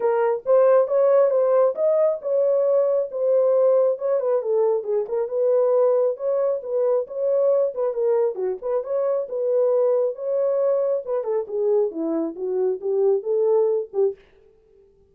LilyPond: \new Staff \with { instrumentName = "horn" } { \time 4/4 \tempo 4 = 136 ais'4 c''4 cis''4 c''4 | dis''4 cis''2 c''4~ | c''4 cis''8 b'8 a'4 gis'8 ais'8 | b'2 cis''4 b'4 |
cis''4. b'8 ais'4 fis'8 b'8 | cis''4 b'2 cis''4~ | cis''4 b'8 a'8 gis'4 e'4 | fis'4 g'4 a'4. g'8 | }